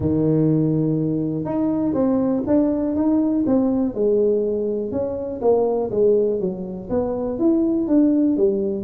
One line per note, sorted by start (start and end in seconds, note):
0.00 1.45 D#3
1.45 1.93 D#4
1.93 2.42 C4
2.46 2.95 D4
2.95 3.44 D#4
3.46 3.94 C4
3.94 4.91 G#3
4.91 5.40 C#4
5.41 5.90 A#3
5.90 6.40 G#3
6.40 6.89 F#3
6.89 7.38 B3
7.38 7.87 E4
7.87 8.36 D4
8.37 8.84 G3